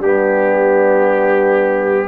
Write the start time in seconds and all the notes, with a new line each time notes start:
0.00 G3 B3 D4 G4